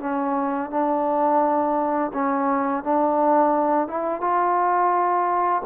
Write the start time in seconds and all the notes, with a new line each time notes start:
0.00 C#4
0.71 D4
2.14 C#4
2.84 D4
3.88 E4
4.21 F4